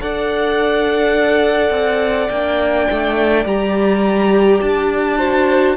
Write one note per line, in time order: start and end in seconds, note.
0.00 1.70 D4
0.00 2.31 A4
0.00 5.18 D5
0.00 2.29 F#5
1.70 2.28 C4
2.29 2.88 A#3
2.29 3.46 D4
2.29 3.44 G5
2.91 3.45 A3
3.45 4.61 G3
3.45 5.19 G4
3.45 4.61 A#5
4.61 5.77 D4
4.61 5.76 A5
5.18 5.76 F#4
5.18 5.75 C5